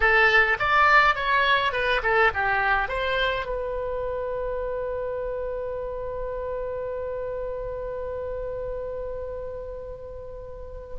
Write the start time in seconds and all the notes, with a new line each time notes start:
0.00 A4
0.59 D5
1.15 C#5
1.72 B4
2.02 A4
2.34 G4
2.88 C5
3.46 B4